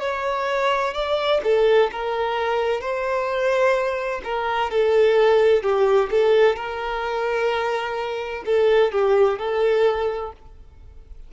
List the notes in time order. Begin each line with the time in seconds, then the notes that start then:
0.00 C#5
0.94 D5
1.43 A4
1.91 A#4
2.80 C5
4.24 A#4
4.70 A4
5.62 G4
6.10 A4
6.56 A#4
8.45 A4
8.92 G4
9.38 A4